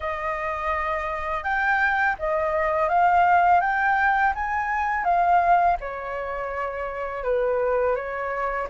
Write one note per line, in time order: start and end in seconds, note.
0.00 1.43 D#5
1.43 2.16 G5
2.18 2.88 D#5
2.88 3.60 F5
3.60 4.33 G5
4.34 5.04 G#5
5.04 5.76 F5
5.80 7.23 C#5
7.23 7.95 B4
7.95 8.67 C#5